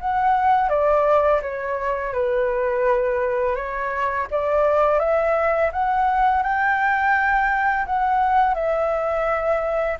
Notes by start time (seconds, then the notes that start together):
0.00 F#5
0.69 D5
1.42 C#5
2.13 B4
3.55 C#5
4.31 D5
4.99 E5
5.72 F#5
6.43 G5
7.86 F#5
8.55 E5